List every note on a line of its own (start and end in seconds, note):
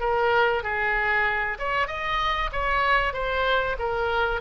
0.00 0.63 A#4
0.63 1.58 G#4
1.59 1.87 C#5
1.87 2.50 D#5
2.52 3.13 C#5
3.13 3.76 C5
3.79 4.41 A#4